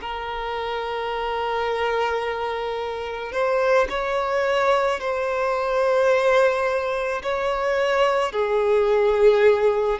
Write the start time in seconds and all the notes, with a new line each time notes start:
0.00 A#4
3.32 C5
3.89 C#5
5.00 C5
7.22 C#5
8.32 G#4